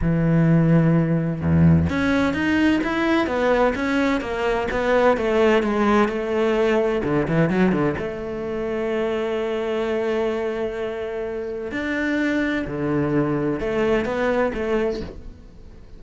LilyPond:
\new Staff \with { instrumentName = "cello" } { \time 4/4 \tempo 4 = 128 e2. e,4 | cis'4 dis'4 e'4 b4 | cis'4 ais4 b4 a4 | gis4 a2 d8 e8 |
fis8 d8 a2.~ | a1~ | a4 d'2 d4~ | d4 a4 b4 a4 | }